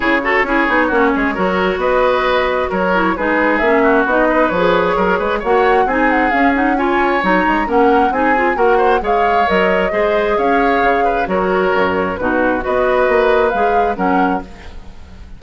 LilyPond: <<
  \new Staff \with { instrumentName = "flute" } { \time 4/4 \tempo 4 = 133 cis''1 | dis''2 cis''4 b'4 | e''4 dis''4 cis''2 | fis''4 gis''8 fis''8 f''8 fis''8 gis''4 |
ais''4 fis''4 gis''4 fis''4 | f''4 dis''2 f''4~ | f''4 cis''2 b'4 | dis''2 f''4 fis''4 | }
  \new Staff \with { instrumentName = "oboe" } { \time 4/4 gis'8 a'8 gis'4 fis'8 gis'8 ais'4 | b'2 ais'4 gis'4~ | gis'8 fis'4 b'4. ais'8 b'8 | cis''4 gis'2 cis''4~ |
cis''4 ais'4 gis'4 ais'8 c''8 | cis''2 c''4 cis''4~ | cis''8 b'8 ais'2 fis'4 | b'2. ais'4 | }
  \new Staff \with { instrumentName = "clarinet" } { \time 4/4 e'8 fis'8 e'8 dis'8 cis'4 fis'4~ | fis'2~ fis'8 e'8 dis'4 | cis'4 dis'4 gis'2 | fis'4 dis'4 cis'8 dis'8 f'4 |
dis'4 cis'4 dis'8 f'8 fis'4 | gis'4 ais'4 gis'2~ | gis'4 fis'2 dis'4 | fis'2 gis'4 cis'4 | }
  \new Staff \with { instrumentName = "bassoon" } { \time 4/4 cis4 cis'8 b8 ais8 gis8 fis4 | b2 fis4 gis4 | ais4 b4 f4 fis8 gis8 | ais4 c'4 cis'2 |
fis8 gis8 ais4 c'4 ais4 | gis4 fis4 gis4 cis'4 | cis4 fis4 fis,4 b,4 | b4 ais4 gis4 fis4 | }
>>